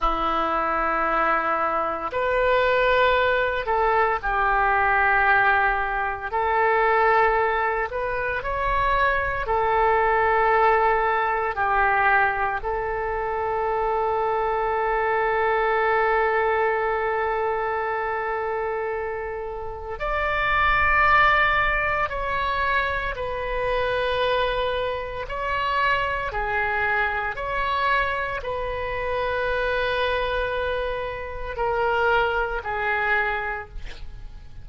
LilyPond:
\new Staff \with { instrumentName = "oboe" } { \time 4/4 \tempo 4 = 57 e'2 b'4. a'8 | g'2 a'4. b'8 | cis''4 a'2 g'4 | a'1~ |
a'2. d''4~ | d''4 cis''4 b'2 | cis''4 gis'4 cis''4 b'4~ | b'2 ais'4 gis'4 | }